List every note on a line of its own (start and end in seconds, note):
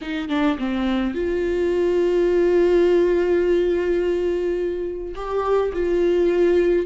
0.01 0.29 D#4
0.29 0.57 D4
0.58 1.14 C4
1.14 5.14 F4
5.15 5.72 G4
5.73 6.86 F4